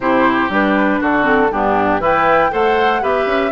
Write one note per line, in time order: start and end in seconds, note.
0.00 0.49 C3
0.00 0.49 E4
0.00 1.00 G4
0.00 0.51 C5
0.49 0.99 G3
0.49 1.22 D4
0.49 1.02 B4
1.00 1.50 D3
1.00 1.50 F#4
1.00 1.51 A4
1.22 1.48 C4
1.50 2.00 G2
1.50 2.00 B3
1.50 2.00 D4
1.50 2.02 G4
2.00 2.50 E3
2.00 2.51 E4
2.00 2.50 B4
2.00 2.53 G5
2.50 3.02 A3
2.50 3.01 A4
2.50 3.02 C5
2.50 3.03 F#5
3.01 3.26 B3
3.01 3.51 G4
3.01 3.51 B4
3.01 3.51 E5
3.26 3.51 C#4